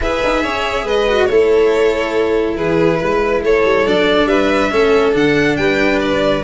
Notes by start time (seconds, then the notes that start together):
0.00 E4 G#4 B4 E5
0.23 D#4
0.42 C#4 C#5
0.83 G#3 B4 D#5
1.08 F#4
1.25 A3 E4 A4 C#5
2.56 E3 G#4 B4
2.99 G#3 B4
3.43 A3 A4 C#5
3.64 G3
3.86 F#3 D4 D5
4.25 G3 B4 E5
4.71 A3 C#4 A4
5.12 D3 D4 F#5
5.56 G3 B4 G5
6.00 D5